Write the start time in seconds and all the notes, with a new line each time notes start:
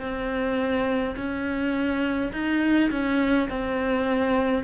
0.00 C4
1.16 C#4
2.32 D#4
2.91 C#4
3.49 C4